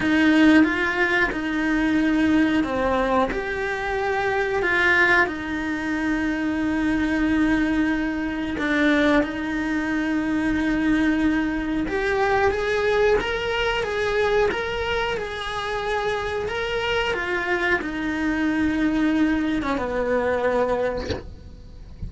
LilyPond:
\new Staff \with { instrumentName = "cello" } { \time 4/4 \tempo 4 = 91 dis'4 f'4 dis'2 | c'4 g'2 f'4 | dis'1~ | dis'4 d'4 dis'2~ |
dis'2 g'4 gis'4 | ais'4 gis'4 ais'4 gis'4~ | gis'4 ais'4 f'4 dis'4~ | dis'4.~ dis'16 cis'16 b2 | }